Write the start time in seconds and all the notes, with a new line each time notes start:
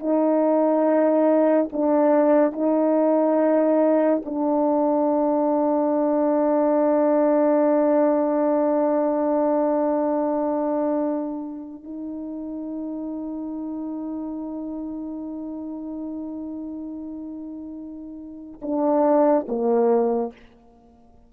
0.00 D#4
1.73 D4
2.53 D#4
4.26 D4
11.84 D#4
18.62 D4
19.49 A#3